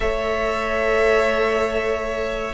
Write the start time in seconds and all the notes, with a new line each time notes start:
0.00 A3 A4 C#5 E5